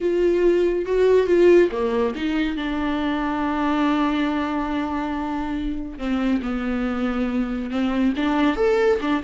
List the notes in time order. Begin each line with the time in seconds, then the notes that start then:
0.00 F4
0.85 F#4
1.26 F4
1.71 A#3
2.15 D#4
2.56 D4
5.98 C4
6.42 B3
7.70 C4
8.16 D4
8.56 A4
9.01 D4